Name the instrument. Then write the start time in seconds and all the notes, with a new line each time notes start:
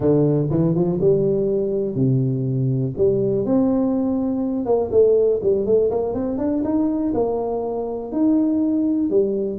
tuba
0.00 D3
0.50 E3
0.74 F3
1.01 G3
1.95 C3
2.97 G3
3.45 C4
4.65 A#3
4.91 A3
5.42 G3
5.66 A3
5.91 A#3
6.14 C4
6.38 D4
6.64 D#4
7.14 A#3
8.12 D#4
9.10 G3